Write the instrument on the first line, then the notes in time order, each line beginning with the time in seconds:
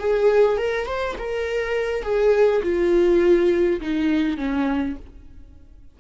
viola
0.00 G#4
0.58 A#4
0.86 C5
1.18 A#4
2.03 G#4
2.63 F4
3.81 D#4
4.37 C#4